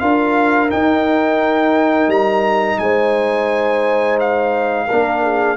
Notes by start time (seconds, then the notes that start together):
0.00 D4 F4 A#4 F5
0.70 D#4 G5
2.08 G3 A#5
2.79 G#3 C5 G#5
4.20 F5
4.87 A#3 D4 A#4
5.23 G#4